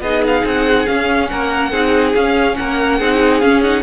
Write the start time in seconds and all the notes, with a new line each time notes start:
0.00 B3 D#4 G#4 D#5
0.26 F5
0.44 C4 F#5
0.87 C#4 F5
1.28 A#3 A#4 F#5
1.71 C4 D#4 G#4
2.15 C#4 F5
2.56 A#3 A#4 F#5
2.99 C4 D#4 G#4
3.40 C#4 F5
3.62 D#4 F#5